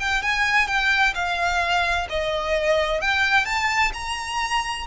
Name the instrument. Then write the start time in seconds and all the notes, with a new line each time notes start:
violin
0.00 G5
0.23 G#5
0.68 G5
1.15 F5
2.10 D#5
3.02 G5
3.46 A5
3.94 A#5